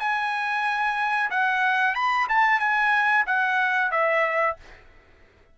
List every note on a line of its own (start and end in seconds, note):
0.00 1.30 G#5
1.31 1.95 F#5
1.95 2.28 B5
2.29 2.60 A5
2.60 3.25 G#5
3.27 3.92 F#5
3.92 4.57 E5